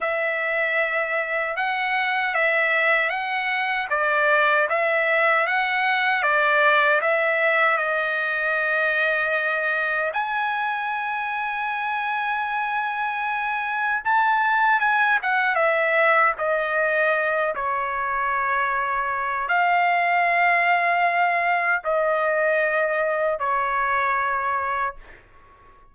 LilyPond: \new Staff \with { instrumentName = "trumpet" } { \time 4/4 \tempo 4 = 77 e''2 fis''4 e''4 | fis''4 d''4 e''4 fis''4 | d''4 e''4 dis''2~ | dis''4 gis''2.~ |
gis''2 a''4 gis''8 fis''8 | e''4 dis''4. cis''4.~ | cis''4 f''2. | dis''2 cis''2 | }